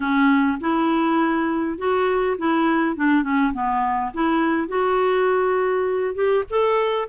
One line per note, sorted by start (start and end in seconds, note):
0.00 0.58 C#4
0.60 1.78 E4
1.78 2.37 F#4
2.38 2.96 E4
2.96 3.23 D4
3.23 3.52 C#4
3.53 4.12 B3
4.13 4.68 E4
4.68 6.14 F#4
6.14 6.44 G4
6.50 7.09 A4